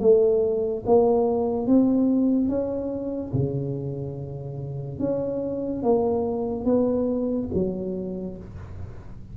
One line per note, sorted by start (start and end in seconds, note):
0.00 0.83 A3
0.86 1.67 A#3
1.67 2.48 C4
2.48 3.32 C#4
3.33 4.99 C#3
4.99 5.83 C#4
5.83 6.64 A#3
6.64 7.48 B3
7.54 8.37 F#3